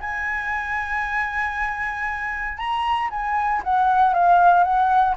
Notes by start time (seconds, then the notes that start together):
0.00 G#5
2.57 A#5
3.10 G#5
3.63 F#5
4.13 F5
4.63 F#5